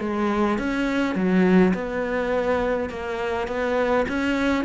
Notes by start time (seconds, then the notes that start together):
0.00 G#3
0.58 C#4
1.15 F#3
1.74 B3
2.90 A#3
3.48 B3
4.08 C#4